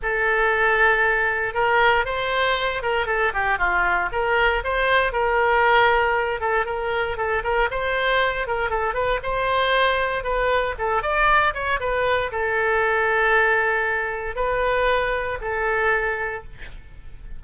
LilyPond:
\new Staff \with { instrumentName = "oboe" } { \time 4/4 \tempo 4 = 117 a'2. ais'4 | c''4. ais'8 a'8 g'8 f'4 | ais'4 c''4 ais'2~ | ais'8 a'8 ais'4 a'8 ais'8 c''4~ |
c''8 ais'8 a'8 b'8 c''2 | b'4 a'8 d''4 cis''8 b'4 | a'1 | b'2 a'2 | }